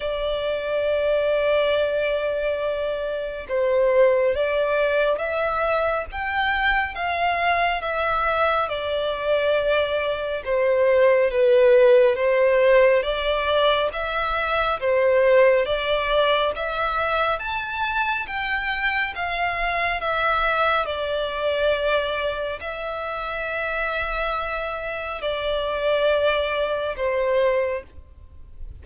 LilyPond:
\new Staff \with { instrumentName = "violin" } { \time 4/4 \tempo 4 = 69 d''1 | c''4 d''4 e''4 g''4 | f''4 e''4 d''2 | c''4 b'4 c''4 d''4 |
e''4 c''4 d''4 e''4 | a''4 g''4 f''4 e''4 | d''2 e''2~ | e''4 d''2 c''4 | }